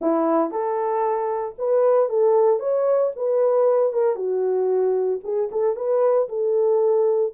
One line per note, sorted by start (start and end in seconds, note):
0.01 0.51 E4
0.51 1.55 A4
1.58 2.09 B4
2.09 2.59 A4
2.59 3.11 C#5
3.15 3.92 B4
3.92 4.15 A#4
4.15 5.20 F#4
5.23 5.49 G#4
5.51 5.76 A4
5.76 6.28 B4
6.28 7.33 A4